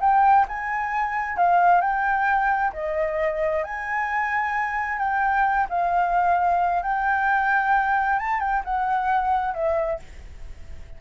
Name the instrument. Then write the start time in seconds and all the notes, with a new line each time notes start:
flute
0.00 G5
0.48 G#5
1.37 F5
1.81 G5
2.73 D#5
3.64 G#5
4.99 G5
5.69 F5
6.82 G5
8.19 A5
8.40 G5
8.64 F#5
9.54 E5